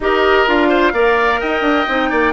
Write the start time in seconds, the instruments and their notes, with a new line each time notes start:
0.00 bassoon D#4, clarinet G4, oboe A#4, flute D#5
0.46 bassoon D4, clarinet F4, flute F5
0.68 oboe C5
0.93 bassoon A#3, clarinet A#4, oboe D5
1.40 bassoon D#4, oboe D#5, flute G5
1.61 bassoon D4
1.88 bassoon C4, clarinet D#4
2.09 bassoon A#3, oboe D5